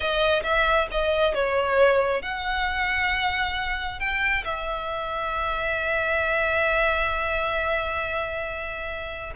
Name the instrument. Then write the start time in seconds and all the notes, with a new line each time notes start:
violin
0.00 D#5
0.43 E5
0.91 D#5
1.34 C#5
2.22 F#5
3.99 G5
4.44 E5